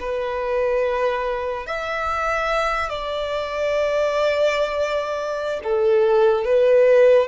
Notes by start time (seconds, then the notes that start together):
0.00 B4
1.67 E5
2.89 D5
5.63 A4
6.45 B4